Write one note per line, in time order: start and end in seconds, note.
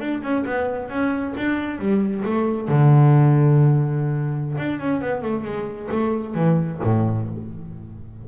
0.00 0.22 D4
0.23 0.45 C#4
0.46 0.89 B3
0.89 1.34 C#4
1.37 1.79 D4
1.79 2.23 G3
2.25 2.68 A3
2.68 4.57 D3
4.58 4.80 D4
4.80 5.01 C#4
5.01 5.22 B3
5.22 5.44 A3
5.44 5.89 G#3
5.91 6.35 A3
6.35 6.79 E3
6.84 7.28 A2